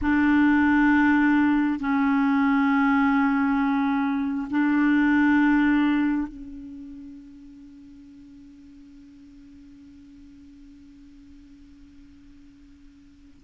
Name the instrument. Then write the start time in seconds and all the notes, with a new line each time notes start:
clarinet
0.01 D4
1.79 C#4
4.50 D4
6.27 C#4